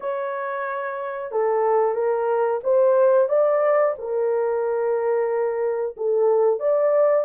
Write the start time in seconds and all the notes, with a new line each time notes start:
0.00 C#5
1.31 A4
1.94 A#4
2.63 C5
3.28 D5
3.98 A#4
5.96 A4
6.59 D5